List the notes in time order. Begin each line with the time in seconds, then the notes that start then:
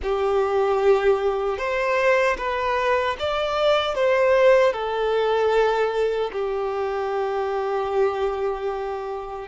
0.02 G4
1.58 C5
2.37 B4
3.19 D5
3.94 C5
4.73 A4
6.32 G4